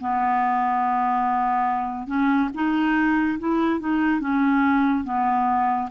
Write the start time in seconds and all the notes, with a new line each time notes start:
0.00 B3
2.07 C#4
2.54 D#4
3.39 E4
3.80 D#4
4.20 C#4
5.04 B3